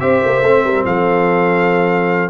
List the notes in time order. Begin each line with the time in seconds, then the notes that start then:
0.00 C4 G4 C5 E5
0.25 A#3
0.42 A3 C4
0.64 G3 A#4
0.85 F3 A4 F5